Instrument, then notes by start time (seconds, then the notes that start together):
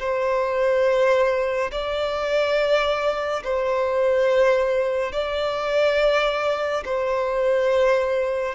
violin
0.00 C5
1.72 D5
3.44 C5
5.13 D5
6.85 C5